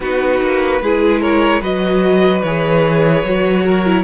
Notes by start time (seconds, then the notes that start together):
0.00 B3 D#4 F#4 B4
0.41 A#3
0.81 G#3 E4 G#4
1.20 A#4 C#5
1.60 F#3 F#4 B4 D#5
2.42 E3 G#4 C#5
3.23 F#3 F#4
3.65 A#4
3.85 E4